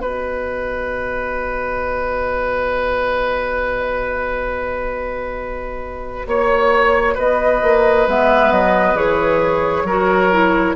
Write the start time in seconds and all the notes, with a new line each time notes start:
0.00 B3 F#4 B4 D#5
6.26 A#3 C#5
7.15 B3 B4 D#5
7.62 A#3
8.07 G#3 B3 E5
8.51 F#3 D#5
8.94 E3 G#4 C#5
9.83 F#3 F#4 A#4
10.32 E4